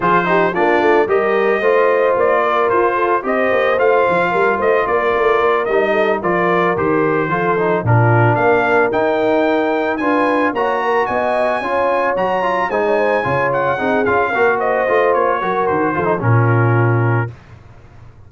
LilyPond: <<
  \new Staff \with { instrumentName = "trumpet" } { \time 4/4 \tempo 4 = 111 c''4 d''4 dis''2 | d''4 c''4 dis''4 f''4~ | f''8 dis''8 d''4. dis''4 d''8~ | d''8 c''2 ais'4 f''8~ |
f''8 g''2 gis''4 ais''8~ | ais''8 gis''2 ais''4 gis''8~ | gis''4 fis''4 f''4 dis''4 | cis''4 c''4 ais'2 | }
  \new Staff \with { instrumentName = "horn" } { \time 4/4 gis'8 g'8 f'4 ais'4 c''4~ | c''8 ais'4 a'8 c''2 | ais'8 c''8 ais'2 a'8 ais'8~ | ais'4. a'4 f'4 ais'8~ |
ais'2~ ais'8 b'4 cis''8 | ais'8 dis''4 cis''2 c''16 cis''16 | c''8 cis''4 gis'4 ais'8 c''4~ | c''8 ais'4 a'8 f'2 | }
  \new Staff \with { instrumentName = "trombone" } { \time 4/4 f'8 dis'8 d'4 g'4 f'4~ | f'2 g'4 f'4~ | f'2~ f'8 dis'4 f'8~ | f'8 g'4 f'8 dis'8 d'4.~ |
d'8 dis'2 f'4 fis'8~ | fis'4. f'4 fis'8 f'8 dis'8~ | dis'8 f'4 dis'8 f'8 fis'4 f'8~ | f'8 fis'4 f'16 dis'16 cis'2 | }
  \new Staff \with { instrumentName = "tuba" } { \time 4/4 f4 ais8 a8 g4 a4 | ais4 f'4 c'8 ais8 a8 f8 | g8 a8 ais8 a8 ais8 g4 f8~ | f8 dis4 f4 ais,4 ais8~ |
ais8 dis'2 d'4 ais8~ | ais8 b4 cis'4 fis4 gis8~ | gis8 cis4 c'8 cis'8 ais4 a8 | ais8 fis8 dis8 f8 ais,2 | }
>>